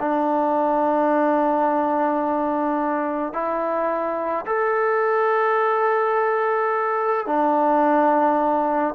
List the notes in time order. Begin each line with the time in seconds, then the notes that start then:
0.00 D4
3.34 E4
4.47 A4
7.27 D4